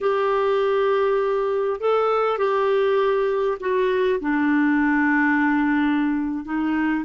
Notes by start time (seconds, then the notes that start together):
0.01 G4
1.80 A4
2.38 G4
3.60 F#4
4.20 D4
6.44 D#4